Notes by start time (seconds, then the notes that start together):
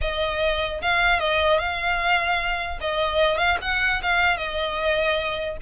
0.01 D#5
0.81 F5
1.19 D#5
1.59 F5
2.81 D#5
3.37 F5
3.61 F#5
4.02 F5
4.37 D#5